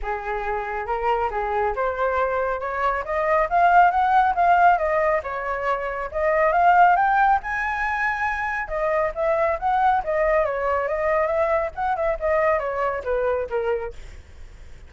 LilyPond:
\new Staff \with { instrumentName = "flute" } { \time 4/4 \tempo 4 = 138 gis'2 ais'4 gis'4 | c''2 cis''4 dis''4 | f''4 fis''4 f''4 dis''4 | cis''2 dis''4 f''4 |
g''4 gis''2. | dis''4 e''4 fis''4 dis''4 | cis''4 dis''4 e''4 fis''8 e''8 | dis''4 cis''4 b'4 ais'4 | }